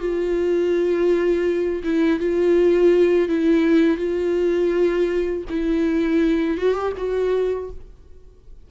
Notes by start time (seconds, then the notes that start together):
0.00 F4
1.84 E4
2.20 F4
3.29 E4
3.98 F4
5.50 E4
6.58 F#4
6.74 G4
6.97 F#4